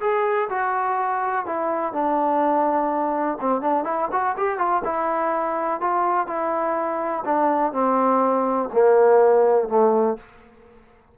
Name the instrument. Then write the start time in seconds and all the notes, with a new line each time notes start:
trombone
0.00 G#4
0.49 F#4
1.45 E4
1.93 D4
3.40 C4
3.61 D4
3.84 E4
4.11 F#4
4.37 G4
4.58 F4
4.84 E4
5.80 F4
6.27 E4
7.25 D4
7.72 C4
8.72 A#3
9.68 A3